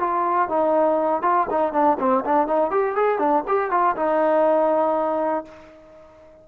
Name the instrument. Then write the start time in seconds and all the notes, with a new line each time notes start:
trombone
0.00 F4
0.49 D#4
1.22 F4
1.50 D#4
1.73 D4
2.00 C4
2.25 D4
2.48 D#4
2.71 G4
2.96 G#4
3.19 D4
3.48 G4
3.71 F4
3.96 D#4